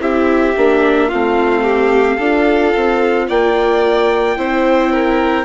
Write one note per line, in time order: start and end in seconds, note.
0.00 0.55 C4
0.00 0.55 E4
0.00 1.08 G4
0.00 1.09 E5
0.57 1.11 A#3
0.57 1.11 D4
1.08 2.18 A3
1.08 2.20 C4
1.08 1.63 F4
1.08 3.27 F5
1.63 2.16 G4
2.16 2.72 D4
2.16 4.37 F4
2.16 3.25 A4
2.76 3.29 C4
3.28 4.36 A#3
3.28 4.37 D5
3.28 5.45 G5
4.36 5.45 C4
4.36 5.45 E4
4.36 4.92 C5
4.92 5.45 A#4